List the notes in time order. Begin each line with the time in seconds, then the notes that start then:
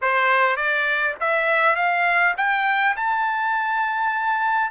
0.01 C5
0.56 D5
1.20 E5
1.75 F5
2.37 G5
2.96 A5